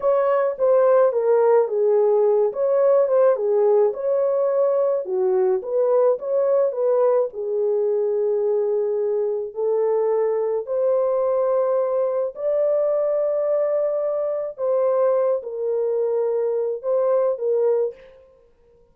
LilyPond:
\new Staff \with { instrumentName = "horn" } { \time 4/4 \tempo 4 = 107 cis''4 c''4 ais'4 gis'4~ | gis'8 cis''4 c''8 gis'4 cis''4~ | cis''4 fis'4 b'4 cis''4 | b'4 gis'2.~ |
gis'4 a'2 c''4~ | c''2 d''2~ | d''2 c''4. ais'8~ | ais'2 c''4 ais'4 | }